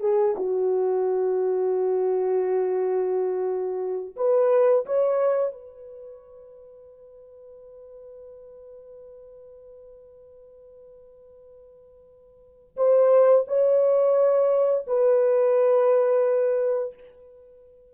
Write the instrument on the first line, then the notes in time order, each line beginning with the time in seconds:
horn
0.00 G#4
0.36 F#4
4.16 B4
4.85 C#5
5.52 B4
12.76 C5
13.47 C#5
14.87 B4